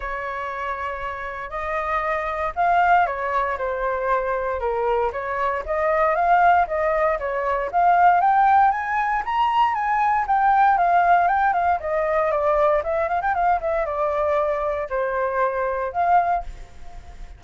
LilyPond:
\new Staff \with { instrumentName = "flute" } { \time 4/4 \tempo 4 = 117 cis''2. dis''4~ | dis''4 f''4 cis''4 c''4~ | c''4 ais'4 cis''4 dis''4 | f''4 dis''4 cis''4 f''4 |
g''4 gis''4 ais''4 gis''4 | g''4 f''4 g''8 f''8 dis''4 | d''4 e''8 f''16 g''16 f''8 e''8 d''4~ | d''4 c''2 f''4 | }